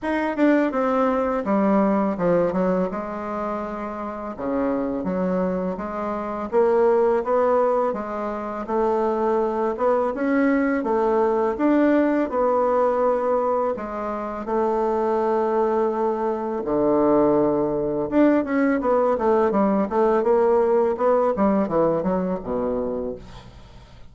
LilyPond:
\new Staff \with { instrumentName = "bassoon" } { \time 4/4 \tempo 4 = 83 dis'8 d'8 c'4 g4 f8 fis8 | gis2 cis4 fis4 | gis4 ais4 b4 gis4 | a4. b8 cis'4 a4 |
d'4 b2 gis4 | a2. d4~ | d4 d'8 cis'8 b8 a8 g8 a8 | ais4 b8 g8 e8 fis8 b,4 | }